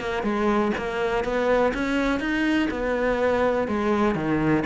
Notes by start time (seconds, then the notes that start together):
0.00 A#3
0.23 G#3
0.77 A#3
1.24 B3
1.74 C#4
2.20 D#4
2.70 B3
3.68 G#3
4.15 D#3